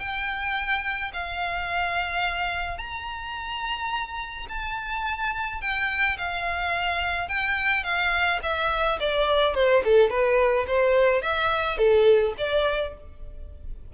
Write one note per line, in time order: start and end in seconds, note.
0.00 1.12 G5
1.14 2.79 F5
2.79 4.47 A#5
4.49 5.62 A5
5.62 6.18 G5
6.18 7.29 F5
7.29 7.84 G5
7.84 8.40 F5
8.43 8.99 E5
9.00 9.55 D5
9.55 9.83 C5
9.85 10.10 A4
10.10 10.66 B4
10.68 11.23 C5
11.23 11.78 E5
11.78 12.34 A4
12.38 12.94 D5